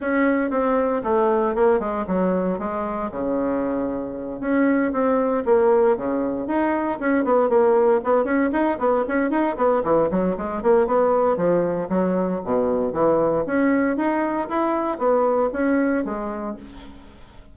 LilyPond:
\new Staff \with { instrumentName = "bassoon" } { \time 4/4 \tempo 4 = 116 cis'4 c'4 a4 ais8 gis8 | fis4 gis4 cis2~ | cis8 cis'4 c'4 ais4 cis8~ | cis8 dis'4 cis'8 b8 ais4 b8 |
cis'8 dis'8 b8 cis'8 dis'8 b8 e8 fis8 | gis8 ais8 b4 f4 fis4 | b,4 e4 cis'4 dis'4 | e'4 b4 cis'4 gis4 | }